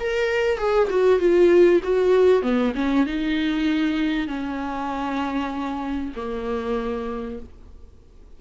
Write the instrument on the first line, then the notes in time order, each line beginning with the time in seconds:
viola
0.00 A#4
0.58 G#4
0.90 F#4
1.20 F4
1.84 F#4
2.42 B3
2.76 C#4
3.07 D#4
4.28 C#4
6.16 A#3